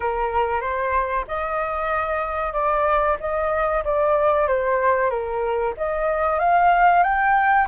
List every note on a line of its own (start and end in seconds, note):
0.00 0.61 A#4
0.61 1.24 C5
1.27 2.52 D#5
2.52 3.16 D5
3.19 3.83 D#5
3.84 4.47 D5
4.47 5.09 C5
5.09 5.73 A#4
5.77 6.39 D#5
6.39 7.03 F5
7.03 7.67 G5